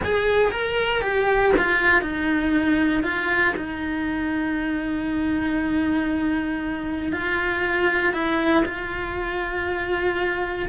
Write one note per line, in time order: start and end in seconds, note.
0.04 0.51 G#4
0.51 1.01 A#4
1.01 1.52 G4
1.57 2.01 F4
2.01 3.03 D#4
3.03 3.54 F4
3.56 7.12 D#4
7.12 8.13 F4
8.13 8.63 E4
8.65 10.68 F4